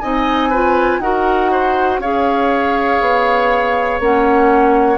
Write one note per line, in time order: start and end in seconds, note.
0.00 0.99 C4
0.00 0.52 D#4
0.00 0.49 D#5
0.00 1.00 G#5
0.49 1.02 F4
0.49 0.99 B4
0.99 1.99 D#4
0.99 2.02 F#4
0.99 1.51 A#4
0.99 2.00 F#5
1.51 2.00 C5
1.99 2.99 C#4
1.99 4.01 G#4
1.99 4.97 C#5
1.99 4.00 F5
3.00 4.00 B3
4.00 4.97 A#3
4.00 4.97 C#4
4.00 4.97 F#5